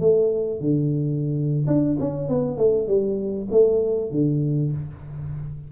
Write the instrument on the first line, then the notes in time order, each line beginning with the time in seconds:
tuba
0.00 A3
0.60 D3
1.67 D4
2.00 C#4
2.29 B3
2.58 A3
2.88 G3
3.51 A3
4.12 D3